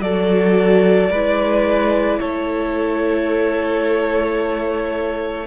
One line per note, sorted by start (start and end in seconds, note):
0.00 1.09 F#3
0.00 1.11 F#4
0.00 1.10 A4
0.00 2.20 D5
1.10 2.19 G#3
1.10 5.46 E4
1.10 2.19 B4
2.20 5.46 A3
2.20 5.46 A4
2.20 5.46 C#5